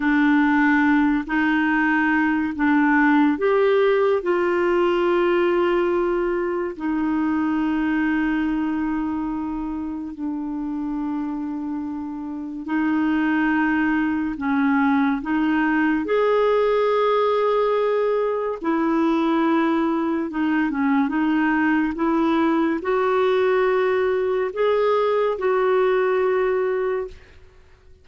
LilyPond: \new Staff \with { instrumentName = "clarinet" } { \time 4/4 \tempo 4 = 71 d'4. dis'4. d'4 | g'4 f'2. | dis'1 | d'2. dis'4~ |
dis'4 cis'4 dis'4 gis'4~ | gis'2 e'2 | dis'8 cis'8 dis'4 e'4 fis'4~ | fis'4 gis'4 fis'2 | }